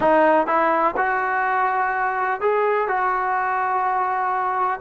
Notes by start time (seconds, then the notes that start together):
0.00 D#4
0.46 E4
0.96 F#4
2.40 G#4
2.88 F#4